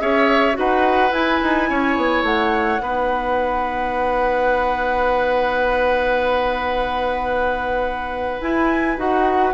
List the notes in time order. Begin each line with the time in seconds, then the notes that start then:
0.00 C#4 G#4 C#5 E5
0.53 D#4 F#4 B4 F#5
1.11 E4 G#5
1.43 D#4
1.69 C#4 C#5
1.96 B3
2.22 A3 F#5
2.81 B3 D#4 B4
8.40 E4 G#5
8.97 D#4 F#4 F#5